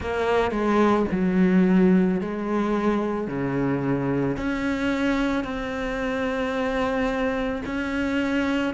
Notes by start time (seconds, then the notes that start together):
0.00 A#3
0.51 G#3
1.11 F#3
2.21 G#3
3.27 C#3
4.36 C#4
5.43 C4
7.65 C#4